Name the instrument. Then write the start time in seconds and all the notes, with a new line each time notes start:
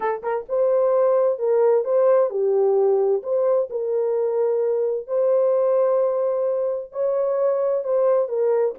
horn
0.00 A4
0.22 A#4
0.48 C5
1.38 A#4
1.84 C5
2.30 G4
3.23 C5
3.70 A#4
5.07 C5
6.91 C#5
7.84 C5
8.28 A#4